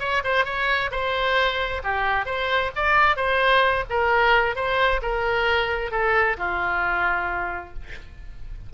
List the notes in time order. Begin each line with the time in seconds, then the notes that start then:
0.00 C#5
0.24 C5
0.45 C#5
0.91 C5
1.84 G4
2.26 C5
2.76 D5
3.16 C5
3.90 A#4
4.56 C5
5.02 A#4
5.91 A4
6.37 F4